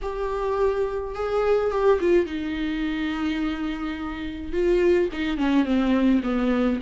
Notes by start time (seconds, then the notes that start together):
0.02 G4
1.14 G#4
1.71 G4
2.00 F4
2.25 D#4
4.52 F4
5.12 D#4
5.37 C#4
5.65 C4
6.23 B3